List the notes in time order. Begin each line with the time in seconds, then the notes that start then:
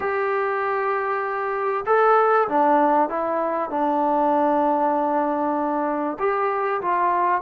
0.00 G4
1.86 A4
2.48 D4
3.09 E4
3.70 D4
6.19 G4
6.81 F4